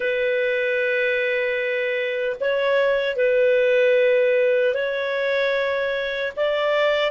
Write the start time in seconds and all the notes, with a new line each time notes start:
0.00 B4
2.40 C#5
3.16 B4
4.74 C#5
6.36 D5